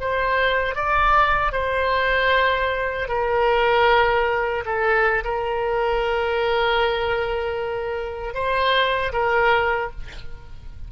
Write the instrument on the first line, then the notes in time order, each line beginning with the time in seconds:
oboe
0.00 C5
0.75 D5
1.52 C5
3.08 A#4
4.65 A4
5.24 A#4
8.34 C5
9.12 A#4